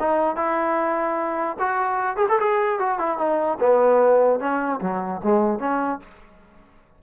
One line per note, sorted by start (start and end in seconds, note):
0.00 0.36 D#4
0.36 1.57 E4
1.60 2.17 F#4
2.17 2.27 G#4
2.29 2.39 A4
2.40 2.80 G#4
2.80 2.99 F#4
2.99 3.19 E4
3.19 3.59 D#4
3.61 4.40 B3
4.40 4.80 C#4
4.81 5.22 F#3
5.24 5.60 G#3
5.60 6.00 C#4